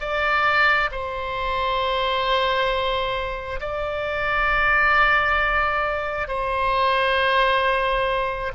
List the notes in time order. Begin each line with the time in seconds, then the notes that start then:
0.00 D5
0.91 C5
3.60 D5
6.28 C5